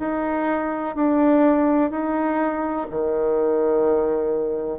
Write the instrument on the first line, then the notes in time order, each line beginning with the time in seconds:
bassoon
0.00 D#4
0.96 D4
1.91 D#4
2.91 D#3